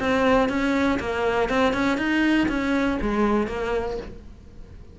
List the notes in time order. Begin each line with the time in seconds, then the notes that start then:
0.00 C4
0.49 C#4
1.00 A#3
1.49 C4
1.74 C#4
1.98 D#4
2.49 C#4
3.01 G#3
3.47 A#3